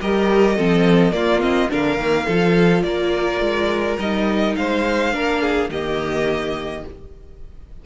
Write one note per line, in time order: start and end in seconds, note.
0.00 0.58 G3
0.00 0.57 G4
0.00 0.56 A#4
0.00 1.12 D#5
0.56 1.12 F3
0.56 1.12 C4
0.56 1.13 A4
1.12 1.39 A#3
1.12 1.69 A#3
1.12 1.71 F4
1.12 1.40 D5
1.39 1.68 C4
1.39 1.70 D#5
1.69 1.97 D3
1.69 1.98 D4
1.69 2.25 A#4
1.69 2.82 F5
1.97 2.26 D#3
1.97 2.27 A#3
2.25 2.83 F3
2.25 3.99 F4
2.25 2.82 A4
2.82 3.40 A#3
2.82 4.57 A#4
2.82 3.97 D5
3.40 3.97 G#3
3.98 4.55 G3
3.98 5.12 D#4
3.98 4.55 D#5
4.55 5.13 G#3
4.55 5.13 C5
4.55 5.69 F5
5.12 5.69 A#3
5.12 5.69 D4
5.12 5.42 A#4
5.42 5.70 G#4
5.69 6.83 D#3
5.69 6.85 A#3
5.69 6.85 G4
5.69 6.85 D#5